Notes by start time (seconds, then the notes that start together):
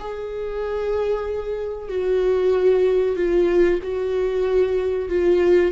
0.00 G#4
1.89 F#4
3.17 F4
3.83 F#4
5.09 F4